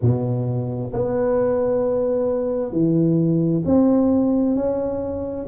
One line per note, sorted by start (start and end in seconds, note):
0.01 0.92 B2
0.93 2.72 B3
2.72 3.63 E3
3.65 4.55 C4
4.55 5.46 C#4